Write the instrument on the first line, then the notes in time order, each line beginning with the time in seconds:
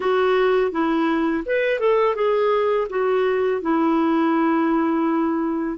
clarinet
0.00 F#4
0.71 E4
1.45 B4
1.79 A4
2.15 G#4
2.89 F#4
3.61 E4